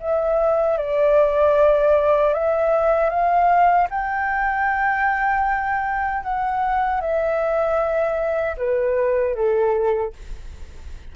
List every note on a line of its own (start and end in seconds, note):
0.00 0.78 E5
0.78 2.33 D5
2.33 3.10 E5
3.10 3.88 F5
3.90 6.23 G5
6.23 7.01 F#5
7.01 8.56 E5
8.57 9.35 B4
9.35 10.13 A4